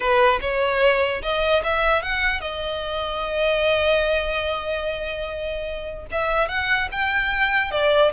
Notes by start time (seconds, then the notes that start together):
0.00 B4
0.41 C#5
1.22 D#5
1.63 E5
2.02 F#5
2.40 D#5
6.11 E5
6.48 F#5
6.91 G5
7.71 D5